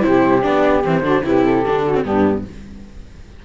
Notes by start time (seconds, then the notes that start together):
0.00 C3 E4 G4 C5
0.42 B3 D4 D5
0.84 E3 C4 C5
1.02 D3 D4 F#4
1.23 C3 E4 G4 B4
1.45 A4
1.66 D3 D4
1.84 F#4
1.95 C4
2.04 G2 B3 D4 G4